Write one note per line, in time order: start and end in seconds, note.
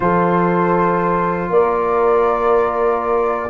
0.00 1.49 F3
0.00 3.49 F4
0.00 1.51 A4
0.00 1.50 C5
1.49 3.49 A#3
1.49 3.49 A#4
1.49 3.49 D5